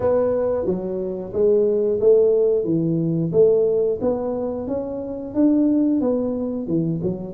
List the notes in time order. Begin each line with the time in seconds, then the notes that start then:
0.00 B3
0.65 F#3
1.33 G#3
2.00 A3
2.64 E3
3.32 A3
4.01 B3
4.67 C#4
5.34 D4
6.01 B3
6.67 E3
7.02 F#3